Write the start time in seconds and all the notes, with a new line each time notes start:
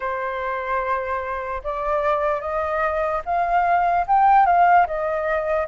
0.00 C5
1.63 D5
2.41 D#5
3.25 F5
4.07 G5
4.46 F5
4.86 D#5